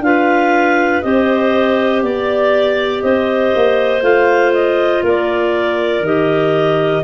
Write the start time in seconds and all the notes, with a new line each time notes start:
0.00 D4 F4 B4 F5
1.02 C4 G4 C5 D#5
2.02 B3 D5
3.02 C4 C5 D#5
3.55 A#3
4.01 A3 F4 F5
4.53 D#5
5.03 A#3 A#4 D5
6.01 D#3 G4 D#5